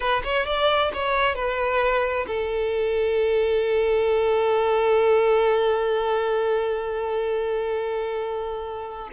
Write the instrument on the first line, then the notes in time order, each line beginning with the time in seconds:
violin
0.00 B4
0.23 C#5
0.46 D5
0.93 C#5
1.35 B4
2.27 A4